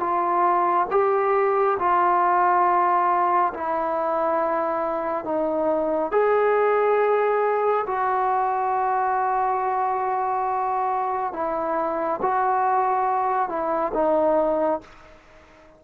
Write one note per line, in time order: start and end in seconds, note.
0.00 0.87 F4
0.91 1.78 G4
1.79 3.53 F4
3.54 5.25 E4
5.25 6.12 D#4
6.12 7.86 G#4
7.87 11.33 F#4
11.33 12.20 E4
12.22 13.49 F#4
13.49 13.92 E4
13.94 14.81 D#4